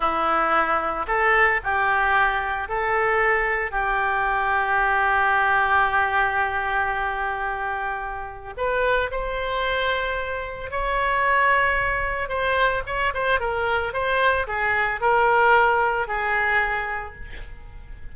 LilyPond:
\new Staff \with { instrumentName = "oboe" } { \time 4/4 \tempo 4 = 112 e'2 a'4 g'4~ | g'4 a'2 g'4~ | g'1~ | g'1 |
b'4 c''2. | cis''2. c''4 | cis''8 c''8 ais'4 c''4 gis'4 | ais'2 gis'2 | }